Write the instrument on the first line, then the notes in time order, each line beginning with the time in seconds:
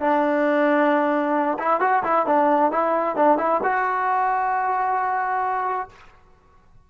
trombone
0.00 D4
1.59 E4
1.80 F#4
2.04 E4
2.26 D4
2.72 E4
3.16 D4
3.38 E4
3.63 F#4